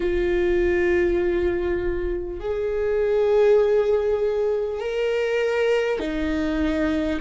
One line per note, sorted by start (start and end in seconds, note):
0.00 2.39 F4
2.40 4.79 G#4
4.79 5.99 A#4
5.99 7.19 D#4